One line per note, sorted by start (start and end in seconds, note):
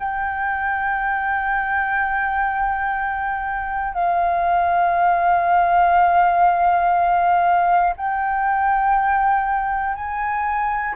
0.00 3.95 G5
3.95 7.95 F5
7.97 9.96 G5
9.96 10.96 G#5